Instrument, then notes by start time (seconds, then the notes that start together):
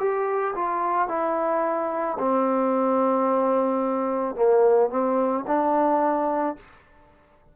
trombone
0.00 G4
0.55 F4
1.09 E4
2.19 C4
4.36 A#3
4.90 C4
5.47 D4